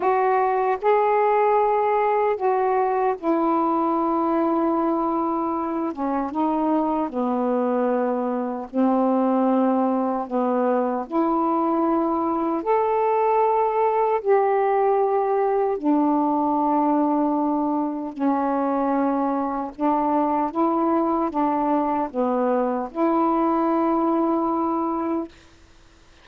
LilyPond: \new Staff \with { instrumentName = "saxophone" } { \time 4/4 \tempo 4 = 76 fis'4 gis'2 fis'4 | e'2.~ e'8 cis'8 | dis'4 b2 c'4~ | c'4 b4 e'2 |
a'2 g'2 | d'2. cis'4~ | cis'4 d'4 e'4 d'4 | b4 e'2. | }